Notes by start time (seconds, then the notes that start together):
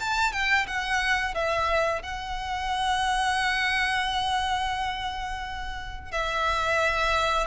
0.00 A5
0.32 G5
0.67 F#5
1.35 E5
2.02 F#5
6.11 E5